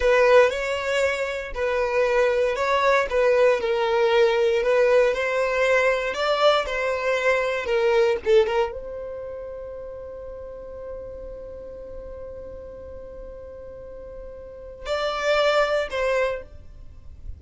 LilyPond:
\new Staff \with { instrumentName = "violin" } { \time 4/4 \tempo 4 = 117 b'4 cis''2 b'4~ | b'4 cis''4 b'4 ais'4~ | ais'4 b'4 c''2 | d''4 c''2 ais'4 |
a'8 ais'8 c''2.~ | c''1~ | c''1~ | c''4 d''2 c''4 | }